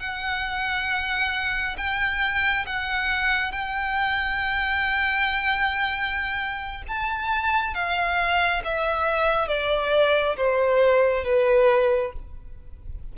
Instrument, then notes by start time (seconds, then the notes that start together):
violin
0.00 F#5
1.78 G5
2.67 F#5
3.52 G5
6.88 A5
7.74 F5
8.65 E5
9.48 D5
10.37 C5
11.25 B4